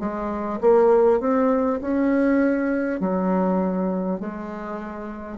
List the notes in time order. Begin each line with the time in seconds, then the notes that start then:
0.00 G#3
0.61 A#3
1.21 C4
1.81 C#4
3.00 F#3
4.21 G#3